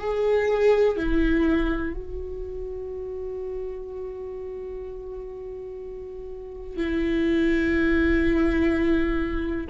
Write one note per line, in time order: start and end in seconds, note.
0.00 0.97 G#4
0.97 1.94 E4
1.94 6.77 F#4
6.77 9.67 E4